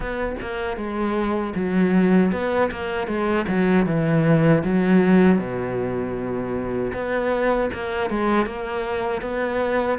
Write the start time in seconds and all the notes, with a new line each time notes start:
0.00 B3
0.41 A#3
0.77 G#3
1.55 F#3
2.32 B3
2.71 A#3
3.07 G#3
3.48 F#3
3.86 E3
4.64 F#3
5.38 B2
6.93 B3
7.73 A#3
8.10 G#3
8.46 A#3
9.21 B3